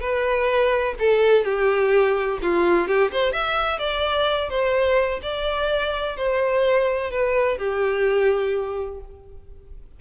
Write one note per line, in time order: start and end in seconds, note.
0.00 0.94 B4
0.99 1.44 A4
1.44 2.39 G4
2.42 2.88 F4
2.88 3.11 G4
3.12 3.32 C5
3.32 3.78 E5
3.78 4.49 D5
4.49 5.20 C5
5.22 6.17 D5
6.17 7.11 C5
7.11 7.58 B4
7.58 9.00 G4